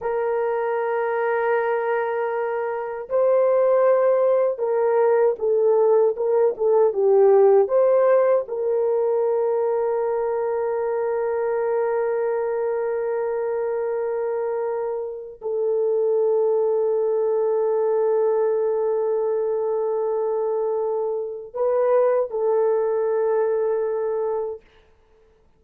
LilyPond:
\new Staff \with { instrumentName = "horn" } { \time 4/4 \tempo 4 = 78 ais'1 | c''2 ais'4 a'4 | ais'8 a'8 g'4 c''4 ais'4~ | ais'1~ |
ais'1 | a'1~ | a'1 | b'4 a'2. | }